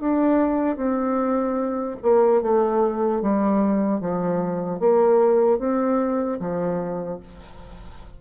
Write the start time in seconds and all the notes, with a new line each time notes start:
0.00 D4
0.76 C4
2.02 A#3
2.42 A3
3.22 G3
4.00 F3
4.80 A#3
5.59 C4
6.40 F3